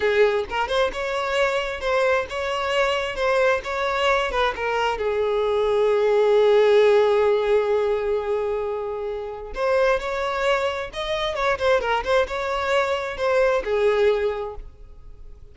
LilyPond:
\new Staff \with { instrumentName = "violin" } { \time 4/4 \tempo 4 = 132 gis'4 ais'8 c''8 cis''2 | c''4 cis''2 c''4 | cis''4. b'8 ais'4 gis'4~ | gis'1~ |
gis'1~ | gis'4 c''4 cis''2 | dis''4 cis''8 c''8 ais'8 c''8 cis''4~ | cis''4 c''4 gis'2 | }